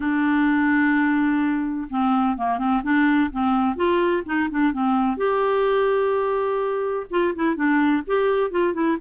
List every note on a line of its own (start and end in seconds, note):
0.00 1.88 D4
1.90 2.37 C4
2.37 2.58 A#3
2.58 2.82 C4
2.83 3.30 D4
3.31 3.76 C4
3.76 4.23 F4
4.25 4.49 D#4
4.50 4.72 D4
4.72 5.17 C4
5.17 7.06 G4
7.10 7.34 F4
7.35 7.55 E4
7.55 8.02 D4
8.06 8.50 G4
8.50 8.73 F4
8.73 8.97 E4